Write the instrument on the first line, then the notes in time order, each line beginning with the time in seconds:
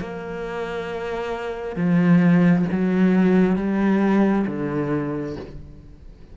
cello
0.00 A#3
1.76 F3
2.72 F#3
3.56 G3
4.47 D3